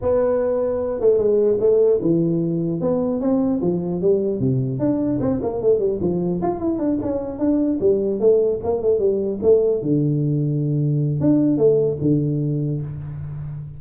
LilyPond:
\new Staff \with { instrumentName = "tuba" } { \time 4/4 \tempo 4 = 150 b2~ b8 a8 gis4 | a4 e2 b4 | c'4 f4 g4 c4 | d'4 c'8 ais8 a8 g8 f4 |
f'8 e'8 d'8 cis'4 d'4 g8~ | g8 a4 ais8 a8 g4 a8~ | a8 d2.~ d8 | d'4 a4 d2 | }